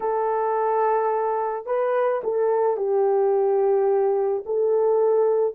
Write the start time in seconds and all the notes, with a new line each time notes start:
0.00 A4
1.65 B4
2.23 A4
2.76 G4
4.45 A4